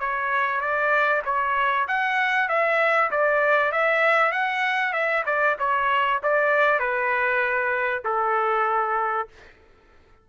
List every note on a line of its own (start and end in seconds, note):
0.00 0.61 C#5
0.61 1.23 D5
1.25 1.87 C#5
1.88 2.49 F#5
2.49 3.11 E5
3.11 3.72 D5
3.72 4.32 E5
4.32 4.93 F#5
4.93 5.24 E5
5.26 5.57 D5
5.60 6.21 C#5
6.23 6.80 D5
6.80 8.04 B4
8.05 9.29 A4